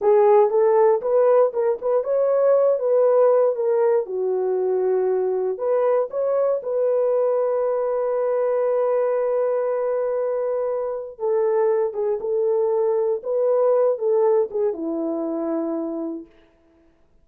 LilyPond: \new Staff \with { instrumentName = "horn" } { \time 4/4 \tempo 4 = 118 gis'4 a'4 b'4 ais'8 b'8 | cis''4. b'4. ais'4 | fis'2. b'4 | cis''4 b'2.~ |
b'1~ | b'2 a'4. gis'8 | a'2 b'4. a'8~ | a'8 gis'8 e'2. | }